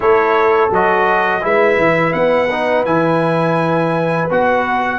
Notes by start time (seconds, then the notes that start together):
0.00 A3 E4 A4 C#5
0.70 F#3 F#4 D#5
1.41 G#3 E4 B4 E5
1.77 E3
2.12 B3 F#5
2.51 D#4
2.85 E3 E4 G#5
4.30 B3 F#4 F#5